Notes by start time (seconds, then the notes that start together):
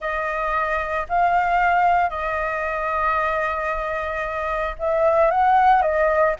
0.00 D#5
1.08 F5
2.10 D#5
4.78 E5
5.30 F#5
5.81 D#5